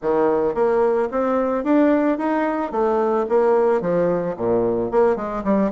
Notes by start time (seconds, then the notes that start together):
0.02 D#3
0.54 A#3
1.11 C4
1.63 D4
2.18 D#4
2.71 A3
3.28 A#3
3.81 F3
4.37 A#2
4.91 A#3
5.16 G#3
5.44 G3